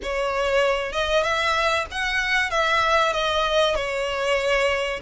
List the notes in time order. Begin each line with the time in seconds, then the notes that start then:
0.03 C#5
0.92 D#5
1.23 E5
1.91 F#5
2.50 E5
3.12 D#5
3.75 C#5